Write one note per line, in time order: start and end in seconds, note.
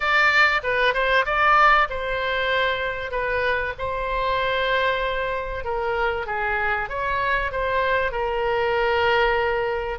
0.00 0.61 D5
0.63 0.94 B4
0.94 1.25 C5
1.25 1.88 D5
1.89 3.11 C5
3.11 3.73 B4
3.78 5.64 C5
5.64 6.26 A#4
6.26 6.89 G#4
6.89 7.51 C#5
7.51 8.11 C5
8.11 9.99 A#4